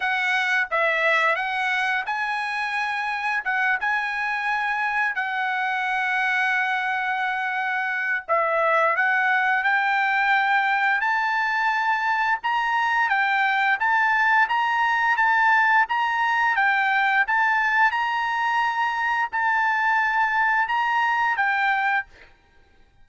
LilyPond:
\new Staff \with { instrumentName = "trumpet" } { \time 4/4 \tempo 4 = 87 fis''4 e''4 fis''4 gis''4~ | gis''4 fis''8 gis''2 fis''8~ | fis''1 | e''4 fis''4 g''2 |
a''2 ais''4 g''4 | a''4 ais''4 a''4 ais''4 | g''4 a''4 ais''2 | a''2 ais''4 g''4 | }